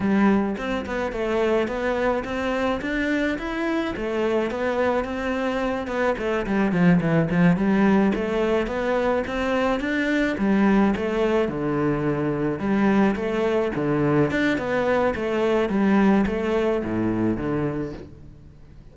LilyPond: \new Staff \with { instrumentName = "cello" } { \time 4/4 \tempo 4 = 107 g4 c'8 b8 a4 b4 | c'4 d'4 e'4 a4 | b4 c'4. b8 a8 g8 | f8 e8 f8 g4 a4 b8~ |
b8 c'4 d'4 g4 a8~ | a8 d2 g4 a8~ | a8 d4 d'8 b4 a4 | g4 a4 a,4 d4 | }